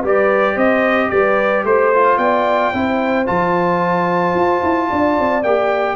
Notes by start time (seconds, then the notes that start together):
0.00 G3 G4 B4
0.07 D5
0.54 C4 C5 D#5
1.11 G3 B4 D5
1.65 A3 C5
1.94 F4
2.18 B3 D5 G5
2.73 C4 E4 C5
3.27 F3 F4 A5
4.35 F4
4.63 E4
4.90 D4 D5
5.19 C4
5.44 A#3 G4 G5